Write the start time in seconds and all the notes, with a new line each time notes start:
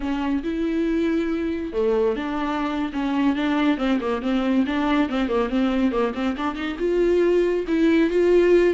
0.00 C#4
0.43 E4
1.72 A3
2.16 D4
2.93 C#4
3.35 D4
3.77 C4
4.00 A#3
4.21 C4
4.66 D4
5.09 C4
5.28 A#3
5.49 C4
5.91 A#3
6.14 C4
6.37 D4
6.55 D#4
6.78 F4
7.67 E4
8.10 F4